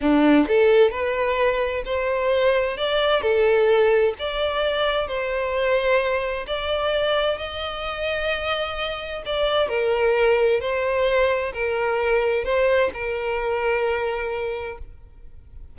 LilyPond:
\new Staff \with { instrumentName = "violin" } { \time 4/4 \tempo 4 = 130 d'4 a'4 b'2 | c''2 d''4 a'4~ | a'4 d''2 c''4~ | c''2 d''2 |
dis''1 | d''4 ais'2 c''4~ | c''4 ais'2 c''4 | ais'1 | }